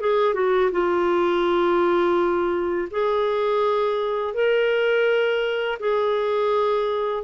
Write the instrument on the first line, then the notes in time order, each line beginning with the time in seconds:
clarinet
0.00 G#4
0.34 F#4
0.71 F4
2.90 G#4
4.34 A#4
5.79 G#4